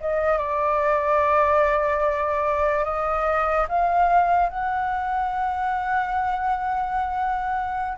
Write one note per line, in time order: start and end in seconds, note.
0.00 0.38 D#5
0.38 2.84 D5
2.84 3.66 D#5
3.68 4.49 F5
4.49 7.98 F#5